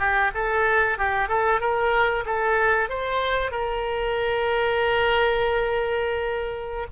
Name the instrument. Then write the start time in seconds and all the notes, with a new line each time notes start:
oboe
0.00 G4
0.35 A4
0.99 G4
1.29 A4
1.61 A#4
2.26 A4
2.90 C5
3.52 A#4